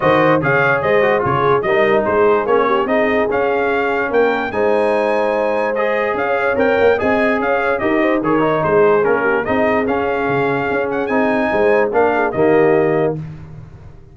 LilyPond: <<
  \new Staff \with { instrumentName = "trumpet" } { \time 4/4 \tempo 4 = 146 dis''4 f''4 dis''4 cis''4 | dis''4 c''4 cis''4 dis''4 | f''2 g''4 gis''4~ | gis''2 dis''4 f''4 |
g''4 gis''4 f''4 dis''4 | cis''4 c''4 ais'4 dis''4 | f''2~ f''8 fis''8 gis''4~ | gis''4 f''4 dis''2 | }
  \new Staff \with { instrumentName = "horn" } { \time 4/4 c''4 cis''4 c''4 gis'4 | ais'4 gis'4. g'8 gis'4~ | gis'2 ais'4 c''4~ | c''2. cis''4~ |
cis''4 dis''4 cis''4 ais'8 c''8 | ais'4 gis'4. g'8 gis'4~ | gis'1 | c''4 ais'8 gis'8 g'2 | }
  \new Staff \with { instrumentName = "trombone" } { \time 4/4 fis'4 gis'4. fis'8 f'4 | dis'2 cis'4 dis'4 | cis'2. dis'4~ | dis'2 gis'2 |
ais'4 gis'2 g'4 | gis'8 dis'4. cis'4 dis'4 | cis'2. dis'4~ | dis'4 d'4 ais2 | }
  \new Staff \with { instrumentName = "tuba" } { \time 4/4 dis4 cis4 gis4 cis4 | g4 gis4 ais4 c'4 | cis'2 ais4 gis4~ | gis2. cis'4 |
c'8 ais8 c'4 cis'4 dis'4 | dis4 gis4 ais4 c'4 | cis'4 cis4 cis'4 c'4 | gis4 ais4 dis2 | }
>>